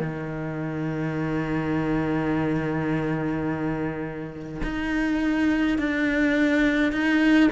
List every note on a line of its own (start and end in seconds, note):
0.00 4.62 D#3
4.63 5.78 D#4
5.78 6.92 D4
6.92 7.50 D#4